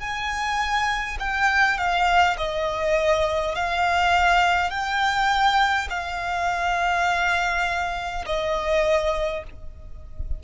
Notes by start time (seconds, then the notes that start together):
0.00 G#5
1.19 G5
1.78 F5
2.37 D#5
3.55 F5
4.70 G5
5.90 F5
8.26 D#5